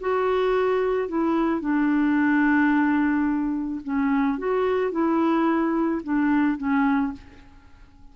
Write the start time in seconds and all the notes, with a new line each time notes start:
0.00 F#4
1.08 E4
1.61 D4
3.84 C#4
4.38 F#4
4.91 E4
6.03 D4
6.58 C#4